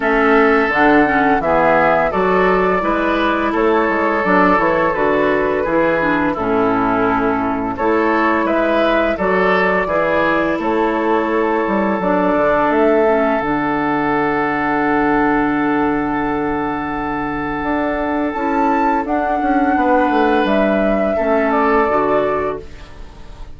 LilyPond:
<<
  \new Staff \with { instrumentName = "flute" } { \time 4/4 \tempo 4 = 85 e''4 fis''4 e''4 d''4~ | d''4 cis''4 d''8 cis''8 b'4~ | b'4 a'2 cis''4 | e''4 d''2 cis''4~ |
cis''4 d''4 e''4 fis''4~ | fis''1~ | fis''2 a''4 fis''4~ | fis''4 e''4. d''4. | }
  \new Staff \with { instrumentName = "oboe" } { \time 4/4 a'2 gis'4 a'4 | b'4 a'2. | gis'4 e'2 a'4 | b'4 a'4 gis'4 a'4~ |
a'1~ | a'1~ | a'1 | b'2 a'2 | }
  \new Staff \with { instrumentName = "clarinet" } { \time 4/4 cis'4 d'8 cis'8 b4 fis'4 | e'2 d'8 e'8 fis'4 | e'8 d'8 cis'2 e'4~ | e'4 fis'4 e'2~ |
e'4 d'4. cis'8 d'4~ | d'1~ | d'2 e'4 d'4~ | d'2 cis'4 fis'4 | }
  \new Staff \with { instrumentName = "bassoon" } { \time 4/4 a4 d4 e4 fis4 | gis4 a8 gis8 fis8 e8 d4 | e4 a,2 a4 | gis4 fis4 e4 a4~ |
a8 g8 fis8 d8 a4 d4~ | d1~ | d4 d'4 cis'4 d'8 cis'8 | b8 a8 g4 a4 d4 | }
>>